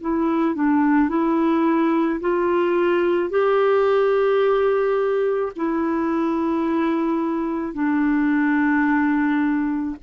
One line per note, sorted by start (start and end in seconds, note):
0.00 0.55 E4
0.55 1.09 D4
1.09 2.20 E4
2.20 3.30 F4
3.30 5.52 G4
5.56 7.74 E4
7.74 9.96 D4